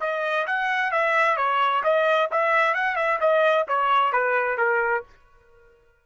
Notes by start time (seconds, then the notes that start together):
0.00 D#5
0.46 F#5
0.91 E5
1.37 C#5
1.83 D#5
2.31 E5
2.74 F#5
2.96 E5
3.20 D#5
3.68 C#5
4.12 B4
4.57 A#4